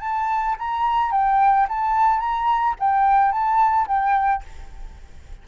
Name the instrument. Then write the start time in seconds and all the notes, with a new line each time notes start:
flute
0.00 A5
0.59 A#5
1.11 G5
1.69 A5
2.19 A#5
2.79 G5
3.31 A5
3.87 G5